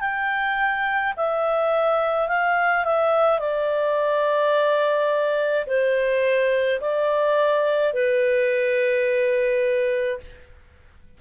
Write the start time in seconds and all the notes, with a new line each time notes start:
0.00 G5
1.16 E5
2.28 F5
2.84 E5
3.39 D5
5.67 C5
6.80 D5
7.93 B4